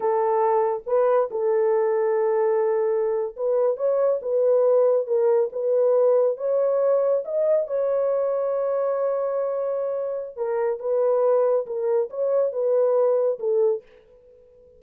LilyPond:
\new Staff \with { instrumentName = "horn" } { \time 4/4 \tempo 4 = 139 a'2 b'4 a'4~ | a'2.~ a'8. b'16~ | b'8. cis''4 b'2 ais'16~ | ais'8. b'2 cis''4~ cis''16~ |
cis''8. dis''4 cis''2~ cis''16~ | cis''1 | ais'4 b'2 ais'4 | cis''4 b'2 a'4 | }